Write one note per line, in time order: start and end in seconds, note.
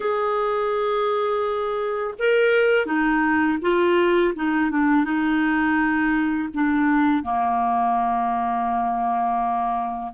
0.00 2.14 G#4
2.19 2.86 A#4
2.86 3.58 D#4
3.61 4.33 F4
4.35 4.71 D#4
4.71 5.04 D4
5.04 6.49 D#4
6.54 7.23 D4
7.23 10.12 A#3